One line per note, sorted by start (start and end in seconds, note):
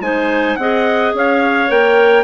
0.00 0.56 G#3
0.00 0.58 D#4
0.00 0.58 C5
0.00 0.56 G#5
0.56 1.13 C4
0.56 1.68 G#4
0.56 1.16 D#5
0.56 1.12 F#5
1.14 1.69 C#4
1.14 2.24 C#5
1.14 1.71 F5
1.68 2.24 A#3
1.68 2.24 A#4
1.68 2.24 G5